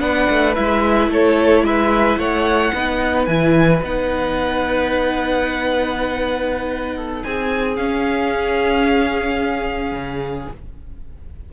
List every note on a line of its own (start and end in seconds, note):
0.00 0.28 B3
0.00 0.55 D4
0.00 1.10 B4
0.00 0.55 F#5
0.30 0.57 A3
0.56 1.09 G#3
0.56 2.74 E4
0.56 1.10 E5
1.09 1.62 A3
1.09 1.64 A4
1.09 1.65 C#5
1.62 2.17 G#3
1.62 2.19 B4
1.62 2.19 E5
2.18 2.72 A3
2.18 2.74 C#5
2.18 3.26 F#5
2.74 3.27 B3
2.74 3.29 D#4
2.74 6.97 B4
3.26 3.82 E3
3.26 3.82 E4
3.26 3.80 G#5
3.82 7.24 B3
3.82 7.77 D#4
3.82 7.23 F#5
6.97 7.24 A4
7.23 7.78 C4
7.23 10.53 G#4
7.23 7.76 G#5
7.76 10.49 C#4
7.76 9.92 C#4
7.76 10.49 F5
9.92 10.47 C#3